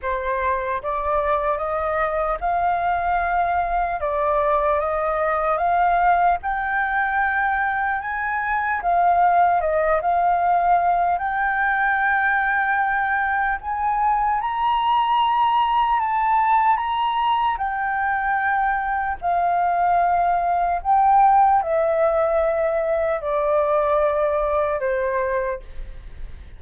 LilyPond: \new Staff \with { instrumentName = "flute" } { \time 4/4 \tempo 4 = 75 c''4 d''4 dis''4 f''4~ | f''4 d''4 dis''4 f''4 | g''2 gis''4 f''4 | dis''8 f''4. g''2~ |
g''4 gis''4 ais''2 | a''4 ais''4 g''2 | f''2 g''4 e''4~ | e''4 d''2 c''4 | }